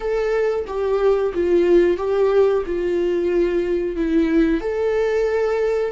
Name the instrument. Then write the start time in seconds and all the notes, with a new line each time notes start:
viola
0.00 A4
0.67 G4
1.34 F4
1.97 G4
2.66 F4
3.96 E4
4.60 A4